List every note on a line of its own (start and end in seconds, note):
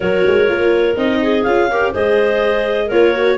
0.00 0.25 F#3
0.00 0.47 F#4
0.00 1.20 A#4
0.00 0.96 C#5
0.27 0.48 G#3
0.47 0.96 A#3
0.47 0.95 F4
0.96 1.45 C4
0.96 1.44 D#4
0.96 1.43 D#5
1.21 1.69 G#4
1.43 1.94 C#4
1.43 1.70 F4
1.43 1.91 F5
1.70 1.94 G4
1.70 1.92 A#4
1.92 2.90 G#3
1.92 2.91 G#4
1.92 2.86 C5
1.92 2.91 D#5
2.86 3.38 A#3
2.86 3.14 F4
2.86 3.34 A#4
2.86 3.38 C#5
3.14 3.38 F#4